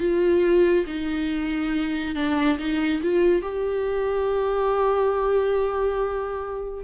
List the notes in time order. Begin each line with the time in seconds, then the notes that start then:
0.00 F4
0.87 D#4
2.15 D4
2.59 D#4
3.03 F4
3.42 G4